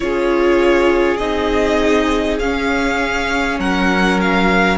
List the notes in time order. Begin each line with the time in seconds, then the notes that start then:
0.00 C#4 F4 G#4 C#5
1.17 C4 D#4 D#5
2.39 C#4 F5
3.59 F#3 A#4 F#5
4.20 F5